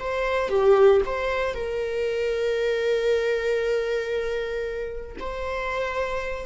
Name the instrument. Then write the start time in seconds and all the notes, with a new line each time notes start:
viola
0.00 C5
0.50 G4
1.06 C5
1.55 A#4
5.20 C5